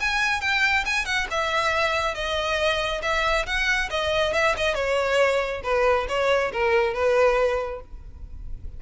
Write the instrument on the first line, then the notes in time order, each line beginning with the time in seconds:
violin
0.00 G#5
0.41 G5
0.85 G#5
1.05 F#5
1.30 E5
2.14 D#5
3.02 E5
3.46 F#5
3.90 D#5
4.33 E5
4.57 D#5
4.75 C#5
5.63 B4
6.08 C#5
6.52 A#4
6.93 B4